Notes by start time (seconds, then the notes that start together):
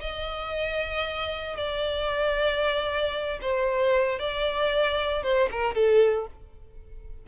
0.00 D#5
1.57 D5
3.41 C5
4.19 D5
5.23 C5
5.51 A#4
5.75 A4